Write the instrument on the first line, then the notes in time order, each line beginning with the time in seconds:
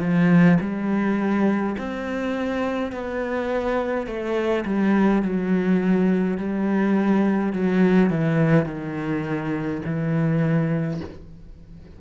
cello
0.00 F3
0.60 G3
1.78 C4
2.92 B3
4.06 A3
4.65 G3
5.22 F#3
6.37 G3
7.53 F#3
8.10 E3
8.66 D#3
9.85 E3